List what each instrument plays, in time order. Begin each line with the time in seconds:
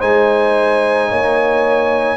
0.00 tuba G#3, trombone D#4, horn C5, trumpet G#5
1.09 tuba A#3, horn C#5